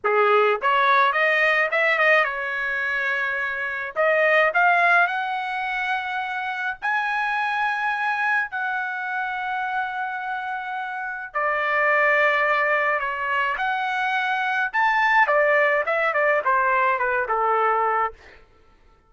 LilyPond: \new Staff \with { instrumentName = "trumpet" } { \time 4/4 \tempo 4 = 106 gis'4 cis''4 dis''4 e''8 dis''8 | cis''2. dis''4 | f''4 fis''2. | gis''2. fis''4~ |
fis''1 | d''2. cis''4 | fis''2 a''4 d''4 | e''8 d''8 c''4 b'8 a'4. | }